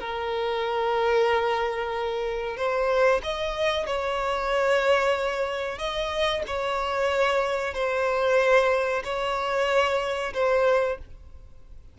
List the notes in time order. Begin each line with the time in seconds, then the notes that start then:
0.00 A#4
2.57 C5
3.23 D#5
3.87 C#5
5.78 D#5
6.47 C#5
7.74 C5
9.04 C#5
10.33 C5